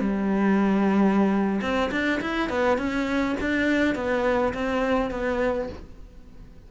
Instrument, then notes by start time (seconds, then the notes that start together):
cello
0.00 G3
1.61 C4
1.91 D4
2.21 E4
2.49 B3
2.77 C#4
3.40 D4
3.95 B3
4.54 C4
5.11 B3